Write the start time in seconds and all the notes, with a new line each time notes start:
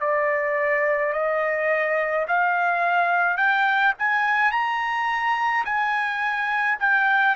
0.00 D5
1.13 D#5
2.27 F5
3.37 G5
3.98 G#5
4.51 A#5
5.65 G#5
6.79 G5